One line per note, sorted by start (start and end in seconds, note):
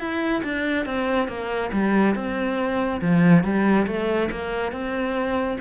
0.00 0.43 E4
0.44 0.86 D4
0.86 1.28 C4
1.28 1.71 A#3
1.73 2.15 G3
2.15 3.01 C4
3.02 3.44 F3
3.44 3.87 G3
3.87 4.30 A3
4.31 4.72 A#3
4.72 5.58 C4